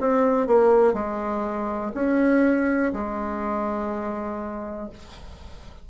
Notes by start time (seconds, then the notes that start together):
0.00 C4
0.46 A#3
0.93 G#3
1.94 C#4
2.92 G#3